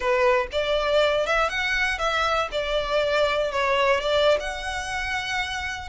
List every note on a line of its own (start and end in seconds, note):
0.00 0.47 B4
0.51 1.26 D5
1.26 1.49 E5
1.49 1.98 F#5
1.98 2.48 E5
2.51 3.51 D5
3.51 4.00 C#5
4.00 4.38 D5
4.40 5.88 F#5